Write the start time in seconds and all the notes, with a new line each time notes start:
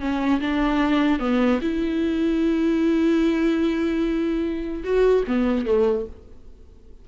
0.00 C#4
0.40 D4
1.19 B3
1.61 E4
4.84 F#4
5.27 B3
5.66 A3